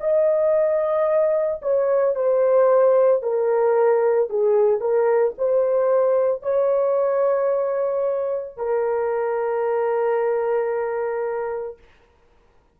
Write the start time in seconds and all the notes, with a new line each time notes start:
0.00 D#5
1.62 C#5
2.15 C5
3.22 A#4
4.29 G#4
4.80 A#4
5.38 C5
6.42 C#5
8.56 A#4